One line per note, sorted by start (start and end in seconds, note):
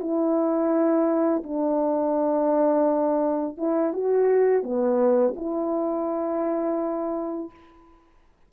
0.00 1.43 E4
1.44 3.57 D4
3.57 3.93 E4
3.93 4.63 F#4
4.63 5.34 B3
5.36 7.50 E4